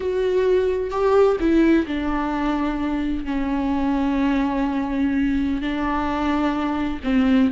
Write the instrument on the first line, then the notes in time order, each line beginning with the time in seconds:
viola
0.00 F#4
0.90 G4
1.40 E4
1.87 D4
3.24 C#4
5.61 D4
7.03 C4